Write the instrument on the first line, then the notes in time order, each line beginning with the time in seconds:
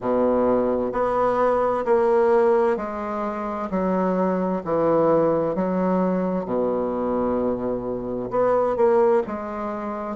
bassoon
0.00 B2
0.92 B3
1.85 A#3
2.77 G#3
3.70 F#3
4.64 E3
5.55 F#3
6.44 B2
8.30 B3
8.76 A#3
9.26 G#3